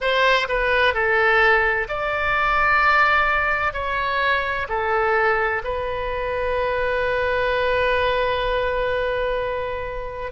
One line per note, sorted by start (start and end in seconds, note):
0.00 0.47 C5
0.48 0.94 B4
0.94 1.87 A4
1.88 3.73 D5
3.73 4.67 C#5
4.68 5.62 A4
5.63 10.32 B4